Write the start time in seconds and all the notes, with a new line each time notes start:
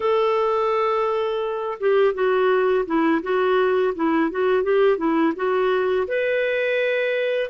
0.00 A4
1.80 G4
2.14 F#4
2.86 E4
3.22 F#4
3.95 E4
4.31 F#4
4.63 G4
4.97 E4
5.36 F#4
6.07 B4